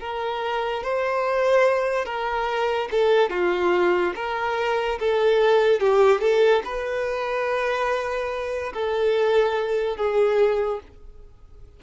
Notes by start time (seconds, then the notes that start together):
0.00 A#4
0.84 C5
2.06 A#4
2.92 A4
3.31 F4
4.16 A#4
5.00 A4
5.80 G4
6.21 A4
6.65 B4
8.74 A4
9.97 G#4